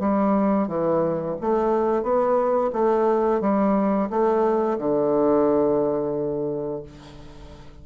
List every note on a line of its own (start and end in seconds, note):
0.00 0.68 G3
0.68 1.36 E3
1.41 2.03 A3
2.03 2.71 B3
2.74 3.42 A3
3.42 4.10 G3
4.10 4.79 A3
4.79 6.83 D3